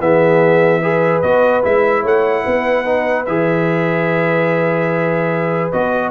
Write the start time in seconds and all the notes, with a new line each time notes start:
0.00 E3 B3 G#4 E5
0.82 G#4 B4
1.22 B3 F#4 D#5
1.63 G#3 E4 E5
2.02 A3 C#5 F#5
2.44 B3 B4
2.85 D#4
3.26 E3 G#4 E5
5.72 B3 F#4 D#5